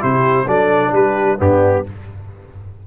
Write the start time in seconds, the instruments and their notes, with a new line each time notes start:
0.00 tuba C3, trombone E4, horn G4, trumpet C5
0.47 tuba F#3, trombone D4, horn A4, trumpet D5
0.92 tuba G3, horn G4, trumpet B4
1.38 tuba G2, trombone B3, horn D4, trumpet G4